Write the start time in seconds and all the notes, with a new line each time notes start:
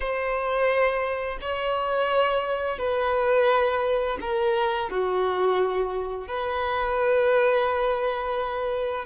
0.00 C5
1.41 C#5
2.78 B4
4.20 A#4
4.90 F#4
6.27 B4